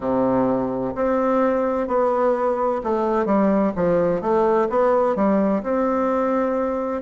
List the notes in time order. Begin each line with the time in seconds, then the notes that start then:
0.00 C3
0.95 C4
1.87 B3
2.83 A3
3.26 G3
3.75 F3
4.21 A3
4.69 B3
5.15 G3
5.62 C4